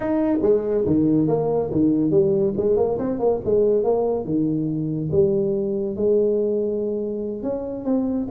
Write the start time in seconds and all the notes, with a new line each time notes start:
0.00 D#4
0.41 G#3
0.86 D#3
1.27 A#3
1.71 D#3
2.11 G3
2.56 G#3
2.77 A#3
2.98 C4
3.19 A#3
3.44 G#3
3.83 A#3
4.24 D#3
5.11 G3
5.96 G#3
7.42 C#4
7.85 C4